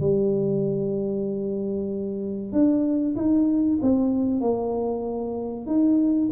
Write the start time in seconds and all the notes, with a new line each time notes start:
0.00 G3
2.52 D4
3.16 D#4
3.82 C4
4.41 A#3
5.66 D#4